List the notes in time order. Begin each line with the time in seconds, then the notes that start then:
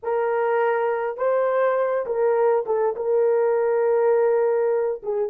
0.02 A#4
1.17 C5
2.06 A#4
2.66 A4
2.96 A#4
5.03 G#4